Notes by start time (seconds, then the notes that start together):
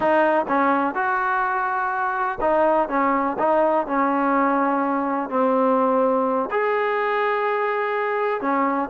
0.00 D#4
0.48 C#4
0.94 F#4
2.40 D#4
2.88 C#4
3.38 D#4
3.86 C#4
5.29 C4
6.51 G#4
8.41 C#4